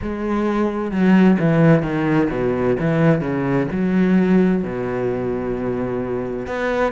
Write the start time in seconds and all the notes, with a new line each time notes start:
0.02 G#3
0.91 F#3
1.38 E3
1.82 D#3
2.30 B2
2.79 E3
3.21 C#3
3.71 F#3
4.63 B2
6.47 B3